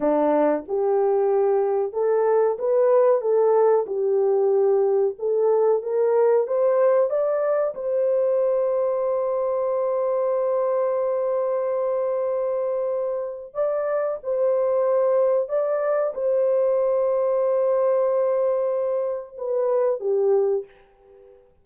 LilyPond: \new Staff \with { instrumentName = "horn" } { \time 4/4 \tempo 4 = 93 d'4 g'2 a'4 | b'4 a'4 g'2 | a'4 ais'4 c''4 d''4 | c''1~ |
c''1~ | c''4 d''4 c''2 | d''4 c''2.~ | c''2 b'4 g'4 | }